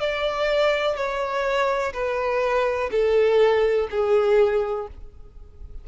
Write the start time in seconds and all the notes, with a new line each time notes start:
0.00 D5
0.96 C#5
1.93 B4
2.91 A4
3.91 G#4